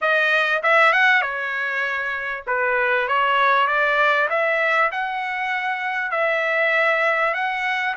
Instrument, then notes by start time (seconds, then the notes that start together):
trumpet
0.01 D#5
0.62 E5
0.92 F#5
1.21 C#5
2.46 B4
3.08 C#5
3.67 D5
4.29 E5
4.91 F#5
6.11 E5
7.33 F#5